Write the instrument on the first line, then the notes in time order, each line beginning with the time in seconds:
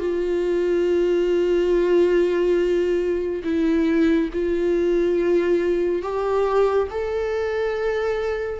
viola
0.00 F4
3.44 E4
4.33 F4
6.02 G4
6.91 A4